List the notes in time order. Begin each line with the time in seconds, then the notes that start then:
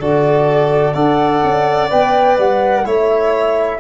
0.00 D3 F#4 A4 D5
0.94 D4 A4 D5 F#5
1.44 C#4
1.90 B3 B4 G5
2.38 G3 F#5
2.84 A3 E4 C#5 E5